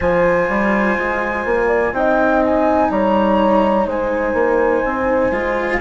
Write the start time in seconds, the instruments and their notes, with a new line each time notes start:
0.00 bassoon F3, cello F4, horn C5, flute G#5
0.49 bassoon G3
0.97 bassoon G#3
1.45 bassoon A#3
1.67 horn D5
1.92 bassoon C4, cello D#4, horn D#5, flute G5
2.44 flute G#5
2.89 bassoon G3, horn C#5, flute A#5
3.86 bassoon G#3, horn C5, flute G#5
4.33 bassoon A#3
4.84 bassoon C4
5.31 bassoon G#3, cello F4